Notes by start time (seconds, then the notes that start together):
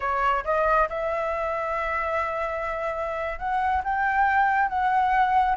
0.00 C#5
0.44 D#5
0.89 E5
3.38 F#5
3.83 G5
4.69 F#5